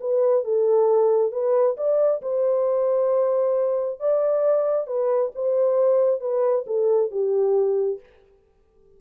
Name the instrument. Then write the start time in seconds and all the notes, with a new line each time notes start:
horn
0.00 B4
0.44 A4
1.32 B4
1.77 D5
2.22 C5
4.00 D5
4.87 B4
5.35 C5
6.21 B4
6.66 A4
7.11 G4